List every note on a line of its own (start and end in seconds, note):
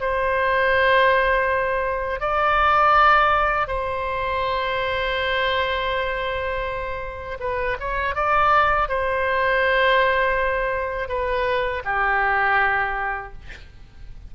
0.00 2.20 C5
2.20 3.67 D5
3.67 7.37 C5
7.40 7.77 B4
7.79 8.15 C#5
8.15 8.89 D5
8.89 11.08 C5
11.08 11.82 B4
11.85 13.33 G4